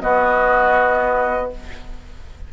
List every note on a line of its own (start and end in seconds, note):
0.00 1.51 B3
0.00 1.52 B3
0.00 1.52 F#4
0.00 1.50 D#5